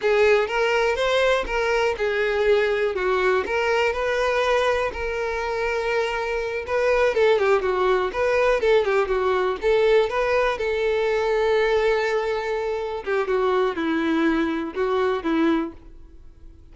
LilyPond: \new Staff \with { instrumentName = "violin" } { \time 4/4 \tempo 4 = 122 gis'4 ais'4 c''4 ais'4 | gis'2 fis'4 ais'4 | b'2 ais'2~ | ais'4. b'4 a'8 g'8 fis'8~ |
fis'8 b'4 a'8 g'8 fis'4 a'8~ | a'8 b'4 a'2~ a'8~ | a'2~ a'8 g'8 fis'4 | e'2 fis'4 e'4 | }